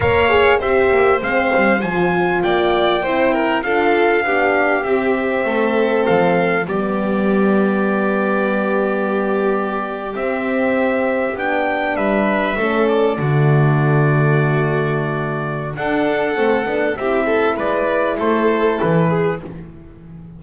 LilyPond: <<
  \new Staff \with { instrumentName = "trumpet" } { \time 4/4 \tempo 4 = 99 f''4 e''4 f''4 gis''4 | g''2 f''2 | e''2 f''4 d''4~ | d''1~ |
d''8. e''2 g''4 e''16~ | e''4~ e''16 d''2~ d''8.~ | d''2 fis''2 | e''4 d''4 c''4 b'4 | }
  \new Staff \with { instrumentName = "violin" } { \time 4/4 cis''4 c''2. | d''4 c''8 ais'8 a'4 g'4~ | g'4 a'2 g'4~ | g'1~ |
g'2.~ g'8. b'16~ | b'8. a'4 fis'2~ fis'16~ | fis'2 a'2 | g'8 a'8 b'4 a'4. gis'8 | }
  \new Staff \with { instrumentName = "horn" } { \time 4/4 ais'8 gis'8 g'4 c'4 f'4~ | f'4 e'4 f'4 d'4 | c'2. b4~ | b1~ |
b8. c'2 d'4~ d'16~ | d'8. cis'4 a2~ a16~ | a2 d'4 c'8 d'8 | e'1 | }
  \new Staff \with { instrumentName = "double bass" } { \time 4/4 ais4 c'8 ais8 gis8 g8 f4 | ais4 c'4 d'4 b4 | c'4 a4 f4 g4~ | g1~ |
g8. c'2 b4 g16~ | g8. a4 d2~ d16~ | d2 d'4 a8 b8 | c'4 gis4 a4 e4 | }
>>